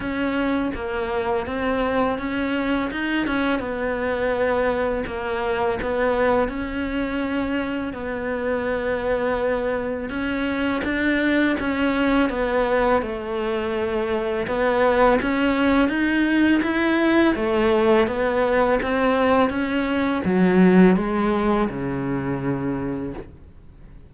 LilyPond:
\new Staff \with { instrumentName = "cello" } { \time 4/4 \tempo 4 = 83 cis'4 ais4 c'4 cis'4 | dis'8 cis'8 b2 ais4 | b4 cis'2 b4~ | b2 cis'4 d'4 |
cis'4 b4 a2 | b4 cis'4 dis'4 e'4 | a4 b4 c'4 cis'4 | fis4 gis4 cis2 | }